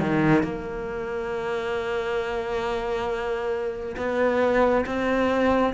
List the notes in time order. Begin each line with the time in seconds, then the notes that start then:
0.00 D#3
0.43 A#3
3.97 B3
4.85 C4